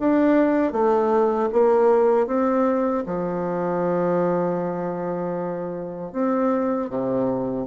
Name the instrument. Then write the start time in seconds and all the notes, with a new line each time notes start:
bassoon
0.00 D4
0.73 A3
1.53 A#3
2.27 C4
3.06 F3
6.13 C4
6.90 C3